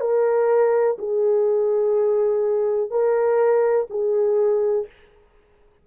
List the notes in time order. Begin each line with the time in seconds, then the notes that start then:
0.00 A#4
0.98 G#4
2.90 A#4
3.89 G#4